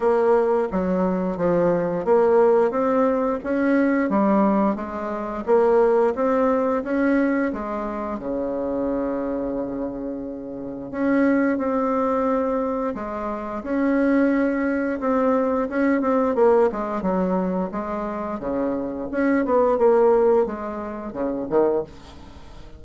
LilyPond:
\new Staff \with { instrumentName = "bassoon" } { \time 4/4 \tempo 4 = 88 ais4 fis4 f4 ais4 | c'4 cis'4 g4 gis4 | ais4 c'4 cis'4 gis4 | cis1 |
cis'4 c'2 gis4 | cis'2 c'4 cis'8 c'8 | ais8 gis8 fis4 gis4 cis4 | cis'8 b8 ais4 gis4 cis8 dis8 | }